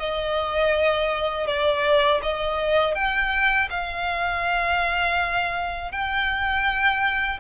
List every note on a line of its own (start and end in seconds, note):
0.00 1.47 D#5
1.47 2.21 D5
2.23 2.95 D#5
2.95 3.69 G5
3.70 5.92 F5
5.92 7.40 G5